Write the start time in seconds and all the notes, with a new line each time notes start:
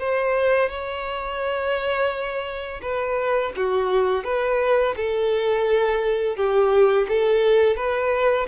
0.00 C5
0.70 C#5
2.82 B4
3.57 F#4
4.24 B4
4.97 A4
6.37 G4
7.09 A4
7.77 B4